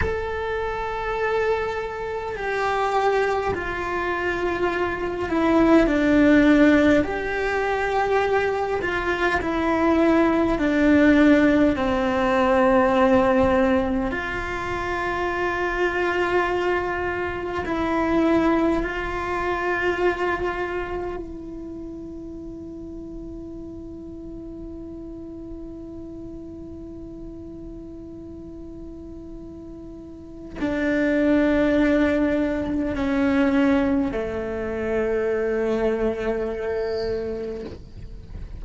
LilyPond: \new Staff \with { instrumentName = "cello" } { \time 4/4 \tempo 4 = 51 a'2 g'4 f'4~ | f'8 e'8 d'4 g'4. f'8 | e'4 d'4 c'2 | f'2. e'4 |
f'2 e'2~ | e'1~ | e'2 d'2 | cis'4 a2. | }